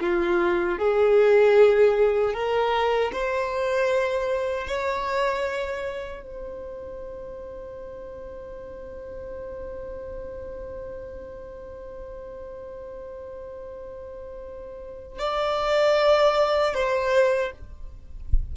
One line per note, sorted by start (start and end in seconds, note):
0.00 0.78 F4
0.78 2.33 G#4
2.33 3.11 A#4
3.12 4.67 C5
4.67 6.22 C#5
6.22 15.18 C5
15.18 16.74 D5
16.74 17.51 C5